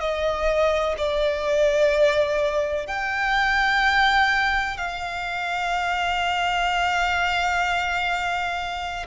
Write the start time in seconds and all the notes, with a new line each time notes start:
0.00 D#5
0.98 D5
2.87 G5
4.77 F5